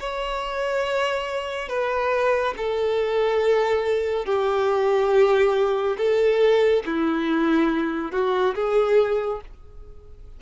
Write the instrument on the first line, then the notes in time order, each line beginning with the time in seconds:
violin
0.00 C#5
1.69 B4
2.57 A4
4.25 G4
5.98 A4
6.86 E4
8.12 F#4
8.55 G#4